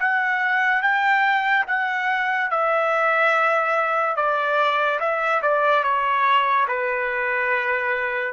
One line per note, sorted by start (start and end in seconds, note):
0.00 0.83 F#5
0.83 1.66 G5
1.67 2.51 F#5
2.51 4.16 E5
4.16 5.00 D5
5.00 5.42 E5
5.42 5.84 D5
5.84 6.67 C#5
6.68 8.33 B4